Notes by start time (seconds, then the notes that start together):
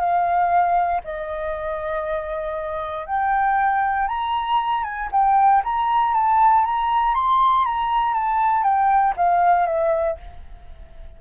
0.00 F5
1.04 D#5
3.06 G5
4.08 A#5
4.84 G#5
5.12 G5
5.65 A#5
6.14 A5
6.65 A#5
7.15 C6
7.66 A#5
8.14 A5
8.64 G5
9.17 F5
9.67 E5